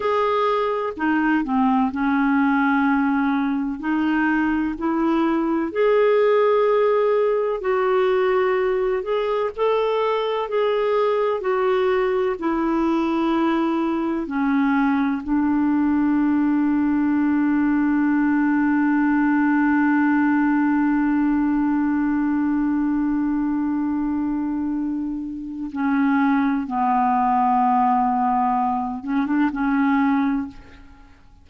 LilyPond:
\new Staff \with { instrumentName = "clarinet" } { \time 4/4 \tempo 4 = 63 gis'4 dis'8 c'8 cis'2 | dis'4 e'4 gis'2 | fis'4. gis'8 a'4 gis'4 | fis'4 e'2 cis'4 |
d'1~ | d'1~ | d'2. cis'4 | b2~ b8 cis'16 d'16 cis'4 | }